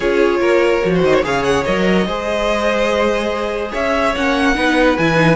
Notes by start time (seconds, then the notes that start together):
0.00 C#4 F4 G#4 C#5
0.40 A#3 A#4
0.82 F3 F#4
0.94 C5
1.02 D#3 D#5
1.14 C#5
1.23 C#3 G#4 C#5 F5
1.43 F#5
1.64 F#3 A#4 D#5
2.06 G#3 G#4 C5
3.71 C#4 C#5 E5
4.15 A#3 C#4 F#5
4.54 B3 D#4 B4
4.97 E3 E4 G#5
5.15 D#4